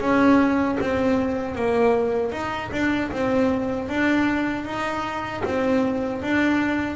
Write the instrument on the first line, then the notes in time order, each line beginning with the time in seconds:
double bass
0.00 C#4
0.80 C4
1.55 A#3
2.31 D#4
2.72 D4
3.11 C4
3.88 D4
4.65 D#4
5.44 C4
6.22 D4